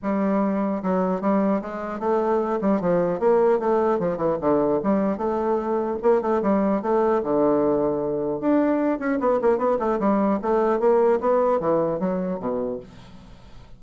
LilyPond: \new Staff \with { instrumentName = "bassoon" } { \time 4/4 \tempo 4 = 150 g2 fis4 g4 | gis4 a4. g8 f4 | ais4 a4 f8 e8 d4 | g4 a2 ais8 a8 |
g4 a4 d2~ | d4 d'4. cis'8 b8 ais8 | b8 a8 g4 a4 ais4 | b4 e4 fis4 b,4 | }